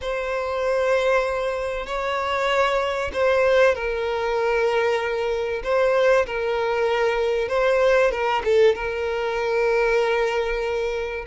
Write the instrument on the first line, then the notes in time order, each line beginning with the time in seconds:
violin
0.01 C5
1.86 C#5
3.13 C5
3.74 A#4
5.63 C5
6.26 A#4
7.48 C5
8.11 A#4
8.44 A4
8.75 A#4